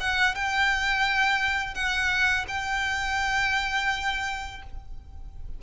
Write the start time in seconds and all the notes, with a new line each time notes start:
0.00 F#5
0.35 G5
1.75 F#5
2.48 G5